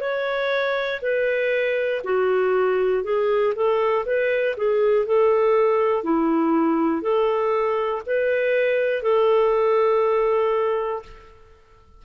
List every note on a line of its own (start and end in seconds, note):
0.00 1.00 C#5
1.01 2.01 B4
2.04 3.04 F#4
3.04 3.54 G#4
3.55 4.05 A4
4.05 4.55 B4
4.56 5.05 G#4
5.05 6.04 A4
6.04 7.01 E4
7.01 8.01 A4
8.06 9.02 B4
9.02 11.02 A4